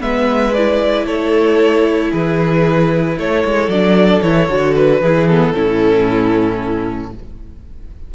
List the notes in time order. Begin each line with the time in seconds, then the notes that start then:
0.00 G#3 B3 B4 E5
0.54 E4 D5
1.06 A3 A4 C#5
2.11 E3 G#4 B4
3.18 A3 A4 C#5
3.45 G#3
3.68 F#3 D4 D5
4.22 E3 E4 C#5
4.49 D3 F#4
4.76 B4
5.01 E3 E4 G#4
5.27 B3 A4
5.54 A2 C#4 E4